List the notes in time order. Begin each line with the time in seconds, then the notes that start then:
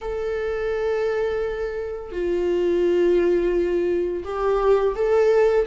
0.01 A4
2.12 F4
4.24 G4
4.95 A4